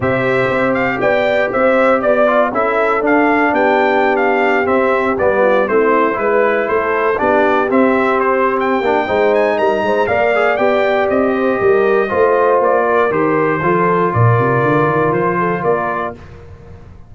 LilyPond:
<<
  \new Staff \with { instrumentName = "trumpet" } { \time 4/4 \tempo 4 = 119 e''4. f''8 g''4 e''4 | d''4 e''4 f''4 g''4~ | g''16 f''4 e''4 d''4 c''8.~ | c''16 b'4 c''4 d''4 e''8.~ |
e''16 c''8. g''4. gis''8 ais''4 | f''4 g''4 dis''2~ | dis''4 d''4 c''2 | d''2 c''4 d''4 | }
  \new Staff \with { instrumentName = "horn" } { \time 4/4 c''2 d''4 c''4 | d''4 a'2 g'4~ | g'2~ g'8. f'8 e'8.~ | e'16 b'4 a'4 g'4.~ g'16~ |
g'2 c''4 ais'8 c''8 | d''2~ d''8 c''8 ais'4 | c''4. ais'4. a'4 | ais'2~ ais'8 a'8 ais'4 | }
  \new Staff \with { instrumentName = "trombone" } { \time 4/4 g'1~ | g'8 f'8 e'4 d'2~ | d'4~ d'16 c'4 b4 c'8.~ | c'16 e'2 d'4 c'8.~ |
c'4. d'8 dis'2 | ais'8 gis'8 g'2. | f'2 g'4 f'4~ | f'1 | }
  \new Staff \with { instrumentName = "tuba" } { \time 4/4 c4 c'4 b4 c'4 | b4 cis'4 d'4 b4~ | b4~ b16 c'4 g4 a8.~ | a16 gis4 a4 b4 c'8.~ |
c'4. ais8 gis4 g8 gis8 | ais4 b4 c'4 g4 | a4 ais4 dis4 f4 | ais,8 c8 d8 dis8 f4 ais4 | }
>>